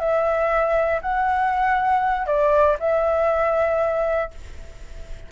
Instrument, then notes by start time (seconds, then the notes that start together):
flute
0.00 E5
1.02 F#5
2.27 D5
2.80 E5